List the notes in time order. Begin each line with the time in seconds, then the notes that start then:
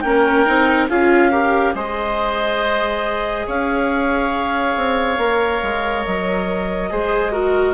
0.00 A#3 C#4 A#4 G5
0.46 C4 D#4
0.89 C#4 F4 G#4 F5
1.31 G4 A#4
1.74 G#3 G#4 C5 D#5
3.46 C#4 C#5 F5
4.76 C4
5.17 A#3 A#4
5.62 G#3
6.04 F#3 D#5
6.90 G#3 G#4 C5
7.32 F#4 A#4